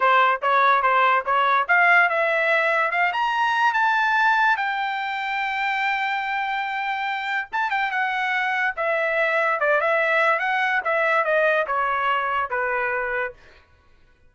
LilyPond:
\new Staff \with { instrumentName = "trumpet" } { \time 4/4 \tempo 4 = 144 c''4 cis''4 c''4 cis''4 | f''4 e''2 f''8 ais''8~ | ais''4 a''2 g''4~ | g''1~ |
g''2 a''8 g''8 fis''4~ | fis''4 e''2 d''8 e''8~ | e''4 fis''4 e''4 dis''4 | cis''2 b'2 | }